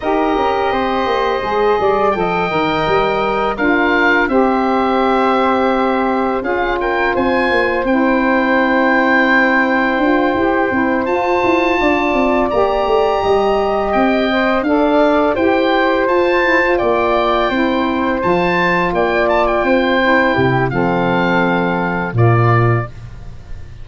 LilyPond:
<<
  \new Staff \with { instrumentName = "oboe" } { \time 4/4 \tempo 4 = 84 dis''2. g''4~ | g''4 f''4 e''2~ | e''4 f''8 g''8 gis''4 g''4~ | g''2.~ g''8 a''8~ |
a''4. ais''2 g''8~ | g''8 f''4 g''4 a''4 g''8~ | g''4. a''4 g''8 a''16 g''8.~ | g''4 f''2 d''4 | }
  \new Staff \with { instrumentName = "flute" } { \time 4/4 ais'4 c''4. d''8 dis''4~ | dis''4 ais'4 c''2~ | c''4 gis'8 ais'8 c''2~ | c''1~ |
c''8 d''2 dis''4.~ | dis''8 d''4 c''2 d''8~ | d''8 c''2 d''4 c''8~ | c''8 g'8 a'2 f'4 | }
  \new Staff \with { instrumentName = "saxophone" } { \time 4/4 g'2 gis'4 a'8 ais'8~ | ais'4 f'4 g'2~ | g'4 f'2 e'4~ | e'2 f'8 g'8 e'8 f'8~ |
f'4. g'2~ g'8 | c''8 a'4 g'4 f'8 e'16 f'8.~ | f'8 e'4 f'2~ f'8 | e'4 c'2 ais4 | }
  \new Staff \with { instrumentName = "tuba" } { \time 4/4 dis'8 cis'8 c'8 ais8 gis8 g8 f8 dis8 | g4 d'4 c'2~ | c'4 cis'4 c'8 ais8 c'4~ | c'2 d'8 e'8 c'8 f'8 |
e'8 d'8 c'8 ais8 a8 g4 c'8~ | c'8 d'4 e'4 f'4 ais8~ | ais8 c'4 f4 ais4 c'8~ | c'8 c8 f2 ais,4 | }
>>